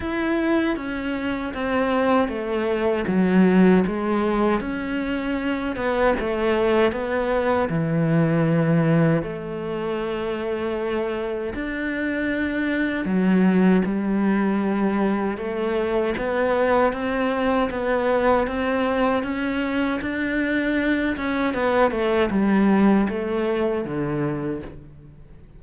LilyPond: \new Staff \with { instrumentName = "cello" } { \time 4/4 \tempo 4 = 78 e'4 cis'4 c'4 a4 | fis4 gis4 cis'4. b8 | a4 b4 e2 | a2. d'4~ |
d'4 fis4 g2 | a4 b4 c'4 b4 | c'4 cis'4 d'4. cis'8 | b8 a8 g4 a4 d4 | }